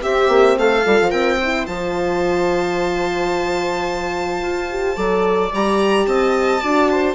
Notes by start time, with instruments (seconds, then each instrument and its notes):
0.00 horn C4, bassoon C4, viola G4, violin E5
0.28 bassoon A#3
0.58 bassoon A3, viola A4, violin F5
0.85 bassoon G3, horn F4
1.01 bassoon F3
1.10 bassoon C4, viola A#4, violin G5
1.40 horn E4, viola C5
1.66 bassoon F3, horn F4, violin A5
4.42 bassoon F4
4.70 horn G4
4.96 bassoon F#3, horn A4, viola D5
5.53 bassoon G3, horn G4, violin A#5
6.06 bassoon C4, viola D#5, violin A5
6.62 bassoon D4, horn F#4, viola D5
6.91 viola C5